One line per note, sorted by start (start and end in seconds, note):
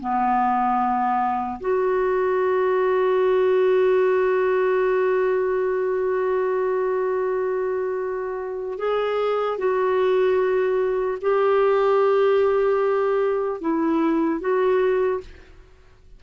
0.00 1.60 B3
1.60 8.78 F#4
8.78 9.58 G#4
9.58 11.18 F#4
11.21 13.61 G4
13.61 14.40 E4
14.40 15.20 F#4